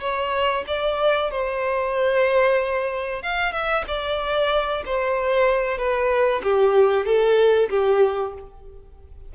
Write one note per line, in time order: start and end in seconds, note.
0.00 0.64 C#5
0.67 1.31 D5
1.31 3.22 C5
3.22 3.52 F5
3.52 3.84 E5
3.87 4.83 D5
4.85 5.78 C5
5.78 6.41 B4
6.43 7.05 G4
7.05 7.69 A4
7.69 8.33 G4